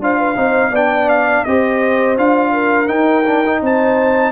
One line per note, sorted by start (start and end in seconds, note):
0.00 0.36 D4
0.00 0.36 F4
0.00 0.19 C5
0.00 0.76 F5
0.19 0.37 B4
0.36 0.71 C4
0.36 0.72 D#4
0.36 0.71 C5
0.71 1.43 B3
0.71 1.47 D4
0.71 1.44 D5
0.71 1.09 G5
1.09 1.45 F5
1.45 2.18 C4
1.45 2.18 G4
1.45 2.53 C5
1.45 2.17 D#5
2.18 2.90 D4
2.18 2.87 F4
2.18 2.88 F5
2.53 3.61 A#4
2.87 3.24 D#4
2.87 3.62 D#4
2.87 3.61 G5
3.27 3.45 D4
3.47 4.33 D#4
3.62 4.33 C4
3.62 4.33 C5
3.62 4.33 A5